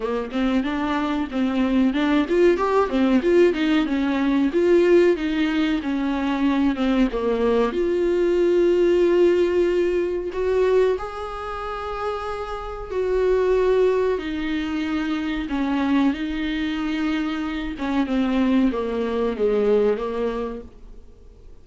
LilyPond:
\new Staff \with { instrumentName = "viola" } { \time 4/4 \tempo 4 = 93 ais8 c'8 d'4 c'4 d'8 f'8 | g'8 c'8 f'8 dis'8 cis'4 f'4 | dis'4 cis'4. c'8 ais4 | f'1 |
fis'4 gis'2. | fis'2 dis'2 | cis'4 dis'2~ dis'8 cis'8 | c'4 ais4 gis4 ais4 | }